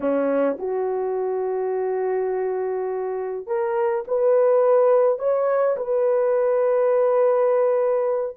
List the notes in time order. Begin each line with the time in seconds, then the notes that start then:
0.00 C#4
0.58 F#4
3.46 A#4
4.07 B4
5.18 C#5
5.76 B4